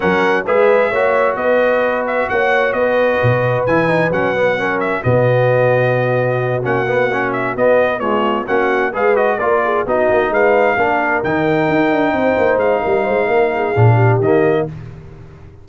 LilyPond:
<<
  \new Staff \with { instrumentName = "trumpet" } { \time 4/4 \tempo 4 = 131 fis''4 e''2 dis''4~ | dis''8 e''8 fis''4 dis''2 | gis''4 fis''4. e''8 dis''4~ | dis''2~ dis''8 fis''4. |
e''8 dis''4 cis''4 fis''4 f''8 | dis''8 d''4 dis''4 f''4.~ | f''8 g''2. f''8~ | f''2. dis''4 | }
  \new Staff \with { instrumentName = "horn" } { \time 4/4 ais'4 b'4 cis''4 b'4~ | b'4 cis''4 b'2~ | b'2 ais'4 fis'4~ | fis'1~ |
fis'4. f'4 fis'4 b'8~ | b'8 ais'8 gis'8 fis'4 b'4 ais'8~ | ais'2~ ais'8 c''4. | ais'8 c''8 ais'8 gis'4 g'4. | }
  \new Staff \with { instrumentName = "trombone" } { \time 4/4 cis'4 gis'4 fis'2~ | fis'1 | e'8 dis'8 cis'8 b8 cis'4 b4~ | b2~ b8 cis'8 b8 cis'8~ |
cis'8 b4 gis4 cis'4 gis'8 | fis'8 f'4 dis'2 d'8~ | d'8 dis'2.~ dis'8~ | dis'2 d'4 ais4 | }
  \new Staff \with { instrumentName = "tuba" } { \time 4/4 fis4 gis4 ais4 b4~ | b4 ais4 b4 b,4 | e4 fis2 b,4~ | b,2~ b,8 ais4.~ |
ais8 b2 ais4 gis8~ | gis8 ais4 b8 ais8 gis4 ais8~ | ais8 dis4 dis'8 d'8 c'8 ais8 gis8 | g8 gis8 ais4 ais,4 dis4 | }
>>